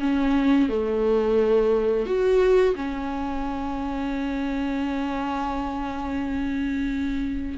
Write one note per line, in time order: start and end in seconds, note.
0.00 0.69 C#4
0.69 2.06 A3
2.06 2.75 F#4
2.76 7.58 C#4